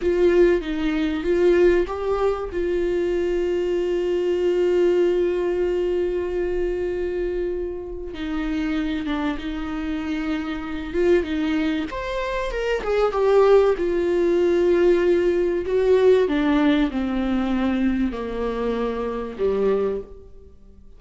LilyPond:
\new Staff \with { instrumentName = "viola" } { \time 4/4 \tempo 4 = 96 f'4 dis'4 f'4 g'4 | f'1~ | f'1~ | f'4 dis'4. d'8 dis'4~ |
dis'4. f'8 dis'4 c''4 | ais'8 gis'8 g'4 f'2~ | f'4 fis'4 d'4 c'4~ | c'4 ais2 g4 | }